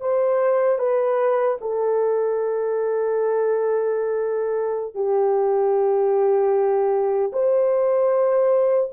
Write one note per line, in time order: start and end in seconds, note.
0.00 0.78 C5
0.78 1.57 B4
1.61 4.94 A4
4.94 7.31 G4
7.32 8.90 C5